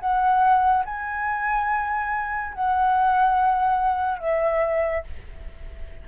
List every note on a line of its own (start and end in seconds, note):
0.00 0.85 F#5
0.85 2.54 G#5
2.54 4.19 F#5
4.19 5.04 E5